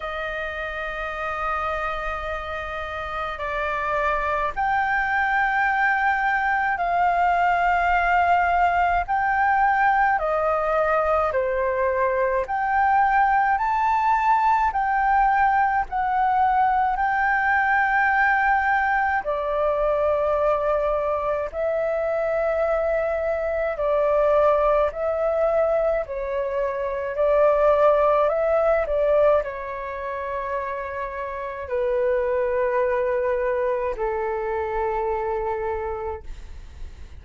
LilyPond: \new Staff \with { instrumentName = "flute" } { \time 4/4 \tempo 4 = 53 dis''2. d''4 | g''2 f''2 | g''4 dis''4 c''4 g''4 | a''4 g''4 fis''4 g''4~ |
g''4 d''2 e''4~ | e''4 d''4 e''4 cis''4 | d''4 e''8 d''8 cis''2 | b'2 a'2 | }